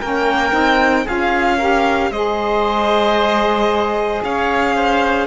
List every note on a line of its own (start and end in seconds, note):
0.00 0.52 A#3
0.00 0.52 C#4
0.00 1.05 A#4
0.00 1.07 G5
0.52 1.05 C4
0.52 1.05 D#4
1.05 2.10 C#4
1.05 1.59 F4
1.05 1.58 G#4
1.05 2.12 F5
1.58 2.12 G4
1.58 2.10 A#4
2.10 4.21 G#3
2.10 5.27 G#4
2.10 4.23 C5
2.10 4.22 D#5
4.24 5.27 C#4
4.24 4.76 C#5
4.24 5.27 F5
4.76 5.27 C5